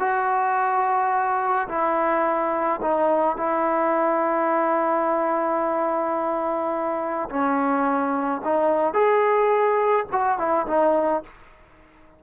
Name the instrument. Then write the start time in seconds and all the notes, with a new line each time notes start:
trombone
0.00 F#4
1.68 E4
2.82 D#4
3.37 E4
7.30 C#4
8.45 D#4
8.94 G#4
10.12 F#4
10.38 E4
10.67 D#4